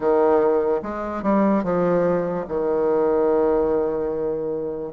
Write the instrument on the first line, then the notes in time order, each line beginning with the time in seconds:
bassoon
0.00 D#3
0.82 G#3
1.23 G3
1.63 F3
2.48 D#3